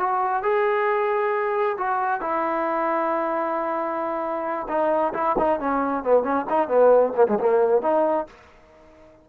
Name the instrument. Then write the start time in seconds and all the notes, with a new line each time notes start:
trombone
0.00 F#4
0.43 G#4
1.78 F#4
2.21 E4
4.69 D#4
5.14 E4
5.39 D#4
5.60 C#4
6.04 B3
6.24 C#4
6.50 D#4
6.69 B3
7.16 A#3
7.28 G#3
7.40 A#3
7.82 D#4